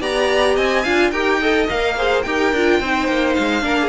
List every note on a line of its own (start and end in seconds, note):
0.00 0.56 B3
0.00 0.84 G4
0.00 0.56 D5
0.00 0.57 A#5
0.56 0.85 C4
0.56 0.83 D#5
0.56 1.11 G#5
0.83 1.11 D4
0.83 1.13 F4
0.83 1.11 F5
1.11 1.67 D#4
1.11 1.41 G4
1.11 1.39 A#4
1.11 1.67 G5
1.39 1.68 A4
1.39 1.95 D#5
1.68 2.25 A#3
1.68 1.96 A#4
1.68 2.22 F5
1.97 2.25 G#4
1.97 2.25 C5
2.22 2.52 D#4
2.22 2.55 G4
2.22 2.80 A#4
2.22 3.33 G5
2.52 2.80 D4
2.52 2.84 F4
2.80 3.08 C4
2.80 3.61 D#4
2.80 3.64 C5
3.08 3.36 A#3
3.33 3.63 G#3
3.33 3.89 F5
3.61 3.89 A#3
3.61 3.89 D4
3.61 3.78 A#4
3.81 3.89 G#4